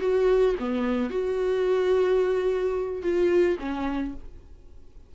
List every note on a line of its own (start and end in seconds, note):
0.00 0.55 F#4
0.59 1.10 B3
1.10 3.02 F#4
3.02 3.57 F4
3.59 4.14 C#4